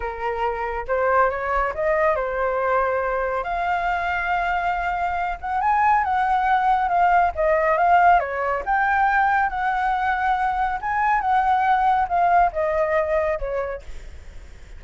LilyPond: \new Staff \with { instrumentName = "flute" } { \time 4/4 \tempo 4 = 139 ais'2 c''4 cis''4 | dis''4 c''2. | f''1~ | f''8 fis''8 gis''4 fis''2 |
f''4 dis''4 f''4 cis''4 | g''2 fis''2~ | fis''4 gis''4 fis''2 | f''4 dis''2 cis''4 | }